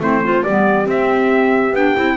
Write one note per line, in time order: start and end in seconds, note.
0.00 0.43 A3
0.00 0.23 C4
0.00 0.21 E4
0.00 0.44 C5
0.21 0.43 C4
0.21 0.46 F4
0.43 0.86 G3
0.43 2.16 G4
0.43 0.87 D5
0.49 0.85 B3
0.85 1.72 C4
0.85 1.73 C4
0.85 1.76 E5
1.73 1.95 B3
1.73 1.96 D4
1.73 2.17 G5
1.96 2.17 C4
1.96 2.17 E4